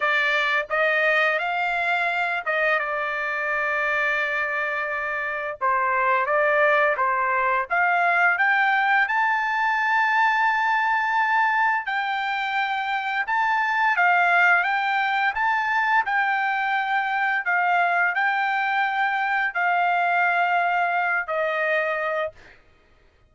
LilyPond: \new Staff \with { instrumentName = "trumpet" } { \time 4/4 \tempo 4 = 86 d''4 dis''4 f''4. dis''8 | d''1 | c''4 d''4 c''4 f''4 | g''4 a''2.~ |
a''4 g''2 a''4 | f''4 g''4 a''4 g''4~ | g''4 f''4 g''2 | f''2~ f''8 dis''4. | }